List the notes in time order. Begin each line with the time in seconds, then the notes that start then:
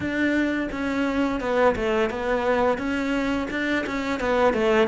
0.00 D4
0.71 C#4
1.40 B3
1.75 A3
2.09 B3
2.77 C#4
3.50 D4
3.86 C#4
4.20 B3
4.53 A3